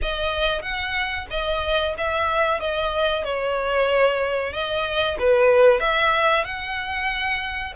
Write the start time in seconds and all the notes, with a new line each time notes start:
0.01 D#5
0.62 F#5
1.30 D#5
1.97 E5
2.60 D#5
3.24 C#5
4.52 D#5
5.19 B4
5.79 E5
6.44 F#5